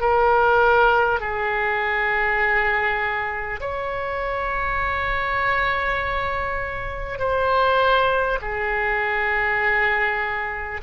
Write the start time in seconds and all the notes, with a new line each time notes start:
0.00 A#4
1.19 G#4
3.60 C#5
7.18 C5
8.41 G#4